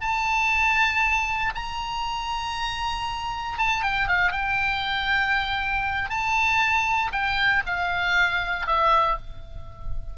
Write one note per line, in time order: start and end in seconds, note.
0.00 1.53 A5
1.55 3.58 A#5
3.58 3.82 A5
3.82 4.07 G5
4.07 4.32 F5
4.32 6.09 G5
6.09 7.11 A5
7.12 7.62 G5
7.66 8.66 F5
8.66 9.17 E5